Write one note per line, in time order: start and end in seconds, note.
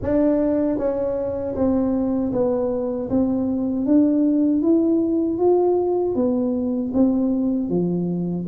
0.02 0.77 D4
0.77 1.54 C#4
1.55 2.31 C4
2.32 3.09 B3
3.09 3.85 C4
3.85 4.62 D4
4.62 5.38 E4
5.38 6.15 F4
6.15 6.92 B3
6.93 7.69 C4
7.69 8.46 F3